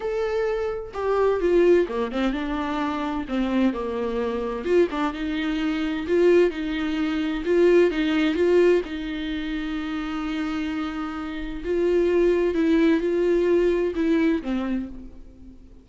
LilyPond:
\new Staff \with { instrumentName = "viola" } { \time 4/4 \tempo 4 = 129 a'2 g'4 f'4 | ais8 c'8 d'2 c'4 | ais2 f'8 d'8 dis'4~ | dis'4 f'4 dis'2 |
f'4 dis'4 f'4 dis'4~ | dis'1~ | dis'4 f'2 e'4 | f'2 e'4 c'4 | }